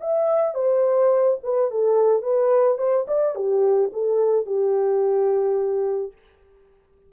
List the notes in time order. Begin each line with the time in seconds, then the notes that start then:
0.00 E5
0.54 C5
1.43 B4
1.71 A4
2.22 B4
2.78 C5
3.07 D5
3.35 G4
3.93 A4
4.45 G4